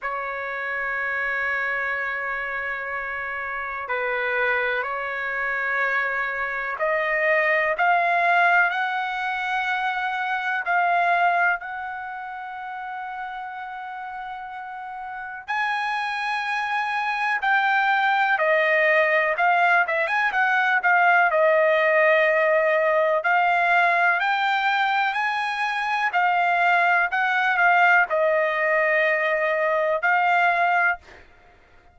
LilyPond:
\new Staff \with { instrumentName = "trumpet" } { \time 4/4 \tempo 4 = 62 cis''1 | b'4 cis''2 dis''4 | f''4 fis''2 f''4 | fis''1 |
gis''2 g''4 dis''4 | f''8 e''16 gis''16 fis''8 f''8 dis''2 | f''4 g''4 gis''4 f''4 | fis''8 f''8 dis''2 f''4 | }